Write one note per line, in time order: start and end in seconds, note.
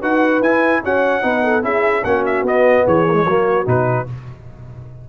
0.00 0.41 D#4
0.00 0.42 F#4
0.00 0.81 B4
0.00 0.42 F#5
0.41 0.81 E4
0.41 0.83 E4
0.41 0.82 G#5
0.83 1.21 C#4
0.83 1.23 F#4
0.83 1.24 C#5
0.83 1.64 F#5
1.21 1.63 B3
1.21 1.61 D#4
1.21 1.43 B4
1.43 1.63 A4
1.61 2.03 C#4
1.61 2.02 E4
1.61 2.04 G#4
1.61 2.04 E5
2.04 2.42 A#3
2.04 2.46 C#4
2.04 2.84 F#4
2.04 2.24 F#5
2.25 2.45 E5
2.42 2.82 B3
2.42 3.06 B3
2.42 2.87 D#5
2.84 3.25 E3
2.84 3.25 G#4
2.84 3.68 C#5
3.06 3.13 A#3
3.13 3.23 G#3
3.25 3.65 F#3
3.25 3.65 A#3
3.25 4.07 F#4
3.65 4.07 B2
3.65 4.06 D#4
3.65 4.08 B4